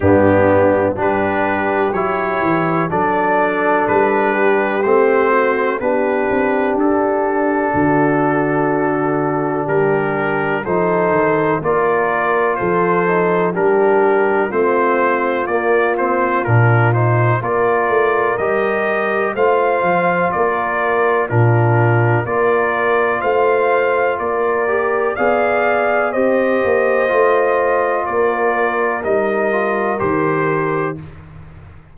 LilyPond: <<
  \new Staff \with { instrumentName = "trumpet" } { \time 4/4 \tempo 4 = 62 g'4 b'4 cis''4 d''4 | b'4 c''4 b'4 a'4~ | a'2 ais'4 c''4 | d''4 c''4 ais'4 c''4 |
d''8 c''8 ais'8 c''8 d''4 dis''4 | f''4 d''4 ais'4 d''4 | f''4 d''4 f''4 dis''4~ | dis''4 d''4 dis''4 c''4 | }
  \new Staff \with { instrumentName = "horn" } { \time 4/4 d'4 g'2 a'4~ | a'8 g'4 fis'8 g'2 | fis'2 g'4 a'4 | ais'4 a'4 g'4 f'4~ |
f'2 ais'2 | c''4 ais'4 f'4 ais'4 | c''4 ais'4 d''4 c''4~ | c''4 ais'2. | }
  \new Staff \with { instrumentName = "trombone" } { \time 4/4 b4 d'4 e'4 d'4~ | d'4 c'4 d'2~ | d'2. dis'4 | f'4. dis'8 d'4 c'4 |
ais8 c'8 d'8 dis'8 f'4 g'4 | f'2 d'4 f'4~ | f'4. g'8 gis'4 g'4 | f'2 dis'8 f'8 g'4 | }
  \new Staff \with { instrumentName = "tuba" } { \time 4/4 g,4 g4 fis8 e8 fis4 | g4 a4 b8 c'8 d'4 | d2 g4 f8 dis8 | ais4 f4 g4 a4 |
ais4 ais,4 ais8 a8 g4 | a8 f8 ais4 ais,4 ais4 | a4 ais4 b4 c'8 ais8 | a4 ais4 g4 dis4 | }
>>